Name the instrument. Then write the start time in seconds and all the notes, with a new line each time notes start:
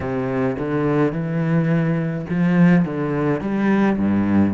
cello
0.00 C3
0.58 D3
1.12 E3
2.30 F3
2.85 D3
3.40 G3
3.97 G2